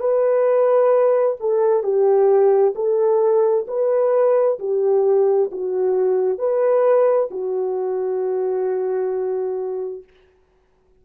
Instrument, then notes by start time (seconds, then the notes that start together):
horn
0.00 B4
1.40 A4
1.83 G4
2.75 A4
3.68 B4
4.60 G4
5.52 F#4
6.38 B4
7.31 F#4